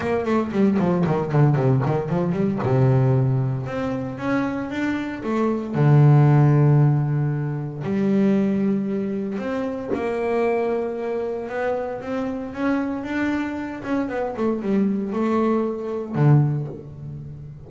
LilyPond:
\new Staff \with { instrumentName = "double bass" } { \time 4/4 \tempo 4 = 115 ais8 a8 g8 f8 dis8 d8 c8 dis8 | f8 g8 c2 c'4 | cis'4 d'4 a4 d4~ | d2. g4~ |
g2 c'4 ais4~ | ais2 b4 c'4 | cis'4 d'4. cis'8 b8 a8 | g4 a2 d4 | }